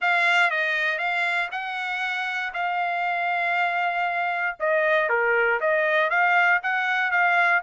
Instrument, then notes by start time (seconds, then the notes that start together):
trumpet
0.01 F5
0.50 D#5
0.98 F5
1.51 F#5
2.53 F5
4.59 D#5
5.09 A#4
5.60 D#5
6.10 F5
6.62 F#5
7.11 F5